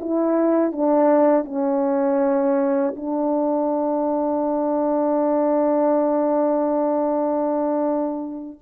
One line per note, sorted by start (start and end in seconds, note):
0.00 0.72 E4
0.72 1.45 D4
1.45 2.95 C#4
2.96 8.59 D4